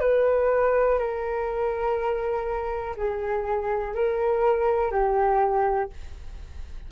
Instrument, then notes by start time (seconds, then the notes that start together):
flute
0.00 B4
0.98 A#4
2.96 G#4
3.94 A#4
4.91 G4